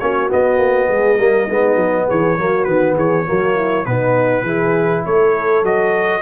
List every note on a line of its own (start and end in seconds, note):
0.00 0.32 A#3
0.00 0.30 C#4
0.00 0.89 F#4
0.00 0.30 C#5
0.30 1.19 B3
0.30 0.58 B3
0.30 2.10 D#5
0.58 0.88 A#3
0.89 1.18 G#3
0.89 1.19 G#4
1.18 1.48 G3
1.18 1.49 A#3
1.18 1.44 A#4
1.44 1.76 G#3
1.44 2.38 B3
1.44 2.03 D#4
1.76 2.06 F#3
2.08 2.38 E3
2.08 2.38 G#4
2.08 2.65 C#5
2.38 2.67 F#3
2.38 2.67 A#3
2.38 2.96 F#4
2.65 2.97 D#3
2.65 3.26 B3
2.65 2.94 B4
2.96 3.26 E3
2.96 3.26 G#4
2.96 3.86 C#5
3.26 3.87 F#3
3.26 3.86 A#3
3.26 3.56 F#4
3.56 3.86 E4
3.86 4.43 B2
3.86 4.47 B3
3.86 4.44 D#4
3.86 5.05 B4
4.43 5.03 E3
4.43 5.65 E4
4.43 5.03 G#4
5.06 5.63 A3
5.06 6.22 A4
5.06 5.65 C#5
5.63 6.22 F#3
5.63 6.22 F#4
5.63 6.22 D#5